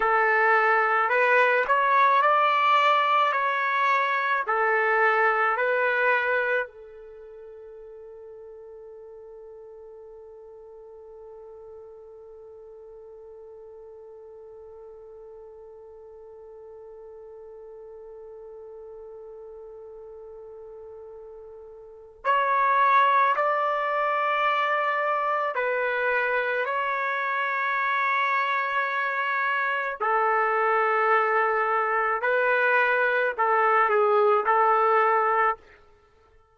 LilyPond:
\new Staff \with { instrumentName = "trumpet" } { \time 4/4 \tempo 4 = 54 a'4 b'8 cis''8 d''4 cis''4 | a'4 b'4 a'2~ | a'1~ | a'1~ |
a'1 | cis''4 d''2 b'4 | cis''2. a'4~ | a'4 b'4 a'8 gis'8 a'4 | }